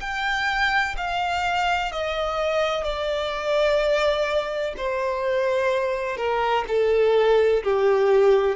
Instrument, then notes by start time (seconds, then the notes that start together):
violin
0.00 G5
0.97 F5
1.92 D#5
2.84 D5
4.77 C5
6.17 A#4
6.68 A4
7.64 G4